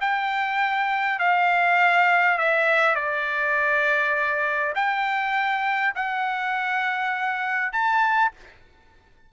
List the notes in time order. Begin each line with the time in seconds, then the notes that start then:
0.00 G5
1.19 F5
2.38 E5
2.95 D5
4.75 G5
5.95 F#5
7.72 A5